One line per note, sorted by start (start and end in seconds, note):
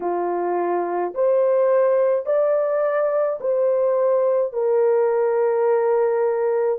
0.00 1.13 F4
1.14 2.26 C5
2.26 3.39 D5
3.40 4.53 C5
4.53 6.79 A#4